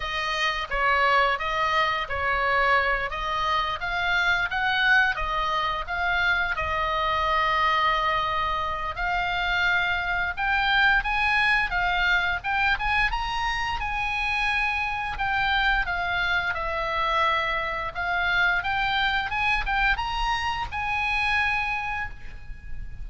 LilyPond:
\new Staff \with { instrumentName = "oboe" } { \time 4/4 \tempo 4 = 87 dis''4 cis''4 dis''4 cis''4~ | cis''8 dis''4 f''4 fis''4 dis''8~ | dis''8 f''4 dis''2~ dis''8~ | dis''4 f''2 g''4 |
gis''4 f''4 g''8 gis''8 ais''4 | gis''2 g''4 f''4 | e''2 f''4 g''4 | gis''8 g''8 ais''4 gis''2 | }